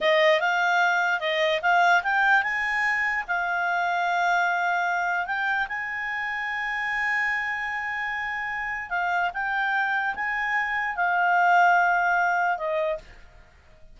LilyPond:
\new Staff \with { instrumentName = "clarinet" } { \time 4/4 \tempo 4 = 148 dis''4 f''2 dis''4 | f''4 g''4 gis''2 | f''1~ | f''4 g''4 gis''2~ |
gis''1~ | gis''2 f''4 g''4~ | g''4 gis''2 f''4~ | f''2. dis''4 | }